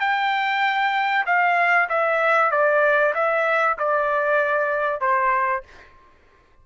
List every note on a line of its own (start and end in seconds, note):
0.00 1.25 G5
1.26 1.88 F5
1.89 2.51 E5
2.51 3.14 D5
3.14 3.77 E5
3.78 5.01 D5
5.01 5.63 C5